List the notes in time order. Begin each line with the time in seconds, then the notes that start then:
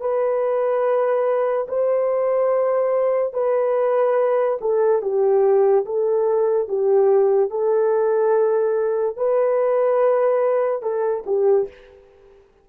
0.00 B4
1.68 C5
3.33 B4
4.61 A4
5.02 G4
5.85 A4
6.68 G4
7.50 A4
9.16 B4
10.82 A4
11.26 G4